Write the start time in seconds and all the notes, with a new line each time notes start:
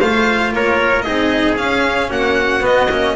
0.00 A3 F4 C5 F5
0.53 A#3 A#4 C#5
1.02 C4 D#4 G#4 D#5
1.57 C#4 F5
2.10 A#3 F#4 F#5
2.61 B3 D#5
2.91 A#3 C#4